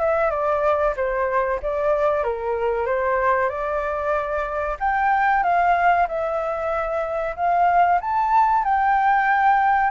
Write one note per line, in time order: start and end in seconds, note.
0.00 0.30 E5
0.30 0.94 D5
0.96 1.60 C5
1.62 2.23 D5
2.23 2.86 A#4
2.86 3.49 C5
3.49 4.77 D5
4.80 5.43 G5
5.43 6.07 F5
6.08 7.35 E5
7.36 8.00 F5
8.00 8.64 A5
8.64 9.90 G5